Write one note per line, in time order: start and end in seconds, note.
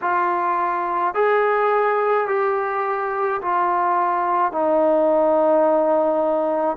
0.01 1.14 F4
1.14 2.27 G#4
2.27 3.40 G4
3.41 4.51 F4
4.51 6.76 D#4